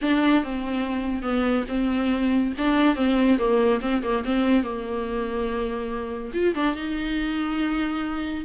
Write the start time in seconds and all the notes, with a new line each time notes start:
0.01 D4
0.43 C4
1.22 B3
1.68 C4
2.58 D4
2.95 C4
3.38 A#3
3.81 C4
4.03 A#3
4.24 C4
4.63 A#3
6.33 F4
6.54 D4
6.75 D#4